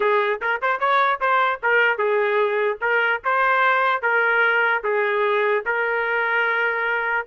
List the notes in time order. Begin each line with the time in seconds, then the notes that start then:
0.00 G#4
0.41 A#4
0.61 C5
0.79 C#5
1.20 C5
1.62 A#4
1.97 G#4
2.81 A#4
3.24 C5
4.02 A#4
4.83 G#4
5.65 A#4